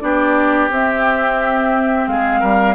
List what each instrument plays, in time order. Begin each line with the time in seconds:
0.00 bassoon B3, clarinet D4, oboe G4, flute D5
0.70 bassoon C4, clarinet C4, flute E5
2.07 bassoon G#3, oboe G#4, flute F5
2.40 bassoon G3, oboe A#4